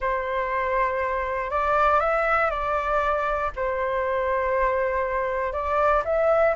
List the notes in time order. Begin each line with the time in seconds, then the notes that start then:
0.00 C5
1.50 D5
2.00 E5
2.50 D5
3.56 C5
5.53 D5
6.05 E5